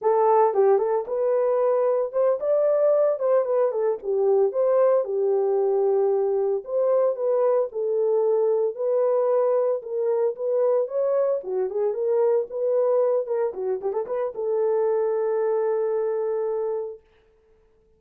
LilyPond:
\new Staff \with { instrumentName = "horn" } { \time 4/4 \tempo 4 = 113 a'4 g'8 a'8 b'2 | c''8 d''4. c''8 b'8 a'8 g'8~ | g'8 c''4 g'2~ g'8~ | g'8 c''4 b'4 a'4.~ |
a'8 b'2 ais'4 b'8~ | b'8 cis''4 fis'8 gis'8 ais'4 b'8~ | b'4 ais'8 fis'8 g'16 a'16 b'8 a'4~ | a'1 | }